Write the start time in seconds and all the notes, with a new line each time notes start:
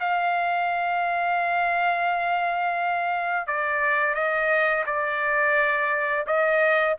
0.00 F5
3.47 D5
4.14 D#5
4.86 D5
6.27 D#5